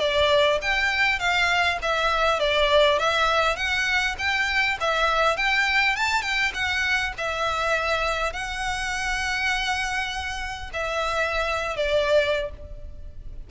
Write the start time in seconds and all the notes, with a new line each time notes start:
0.00 D5
0.62 G5
1.19 F5
1.82 E5
2.40 D5
2.99 E5
3.56 F#5
4.19 G5
4.81 E5
5.37 G5
5.96 A5
6.22 G5
6.54 F#5
7.18 E5
8.33 F#5
10.73 E5
11.77 D5